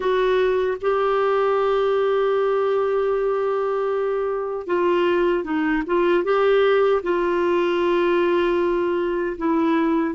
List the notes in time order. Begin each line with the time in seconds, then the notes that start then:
0.00 F#4
0.81 G4
4.66 F4
5.44 D#4
5.86 F4
6.23 G4
7.03 F4
9.37 E4